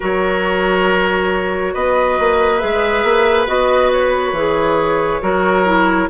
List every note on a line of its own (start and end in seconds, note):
0.00 1.75 F#3
0.00 2.60 F#4
0.00 1.73 A#4
0.00 1.74 C#5
1.73 2.18 B3
1.73 5.21 B4
1.73 2.59 D#5
2.19 2.62 A#3
2.59 3.03 G#3
2.59 3.47 G#4
2.59 3.45 E5
3.03 3.47 A#3
3.47 4.32 B3
3.47 4.34 F#4
3.47 3.91 D#5
3.92 6.09 C#5
4.32 5.19 E3
4.32 5.22 G#4
5.22 6.09 F#3
5.22 5.65 F#4
5.22 6.09 A#4
5.65 6.09 E4